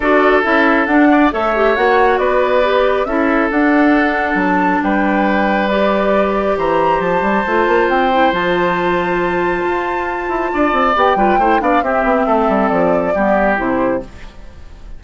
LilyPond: <<
  \new Staff \with { instrumentName = "flute" } { \time 4/4 \tempo 4 = 137 d''4 e''4 fis''4 e''4 | fis''4 d''2 e''4 | fis''2 a''4 g''4~ | g''4 d''2 ais''4 |
a''2 g''4 a''4~ | a''1~ | a''4 g''4. f''8 e''4~ | e''4 d''2 c''4 | }
  \new Staff \with { instrumentName = "oboe" } { \time 4/4 a'2~ a'8 d''8 cis''4~ | cis''4 b'2 a'4~ | a'2. b'4~ | b'2. c''4~ |
c''1~ | c''1 | d''4. b'8 c''8 d''8 g'4 | a'2 g'2 | }
  \new Staff \with { instrumentName = "clarinet" } { \time 4/4 fis'4 e'4 d'4 a'8 g'8 | fis'2 g'4 e'4 | d'1~ | d'4 g'2.~ |
g'4 f'4. e'8 f'4~ | f'1~ | f'4 g'8 f'8 e'8 d'8 c'4~ | c'2 b4 e'4 | }
  \new Staff \with { instrumentName = "bassoon" } { \time 4/4 d'4 cis'4 d'4 a4 | ais4 b2 cis'4 | d'2 fis4 g4~ | g2. e4 |
f8 g8 a8 ais8 c'4 f4~ | f2 f'4. e'8 | d'8 c'8 b8 g8 a8 b8 c'8 b8 | a8 g8 f4 g4 c4 | }
>>